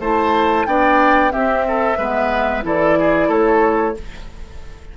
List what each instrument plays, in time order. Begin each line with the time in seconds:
0.00 bassoon A3, clarinet E4, oboe C5, flute A5
0.66 bassoon B3, clarinet D4, oboe D5, flute G5
1.31 clarinet C4, bassoon C4, oboe G4, flute E5
1.69 oboe A4
1.98 bassoon G#3, clarinet B3, oboe B4
2.62 bassoon E3, clarinet E4, oboe A4, flute D5
2.99 oboe G#4
3.28 bassoon A3, oboe A4, flute C#5